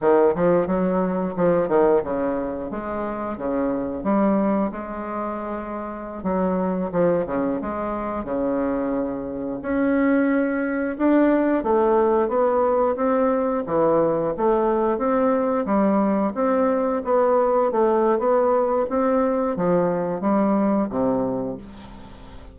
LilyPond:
\new Staff \with { instrumentName = "bassoon" } { \time 4/4 \tempo 4 = 89 dis8 f8 fis4 f8 dis8 cis4 | gis4 cis4 g4 gis4~ | gis4~ gis16 fis4 f8 cis8 gis8.~ | gis16 cis2 cis'4.~ cis'16~ |
cis'16 d'4 a4 b4 c'8.~ | c'16 e4 a4 c'4 g8.~ | g16 c'4 b4 a8. b4 | c'4 f4 g4 c4 | }